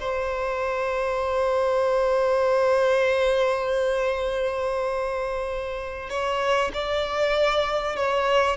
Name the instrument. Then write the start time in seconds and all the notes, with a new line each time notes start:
violin
0.00 C5
6.10 C#5
6.73 D5
7.96 C#5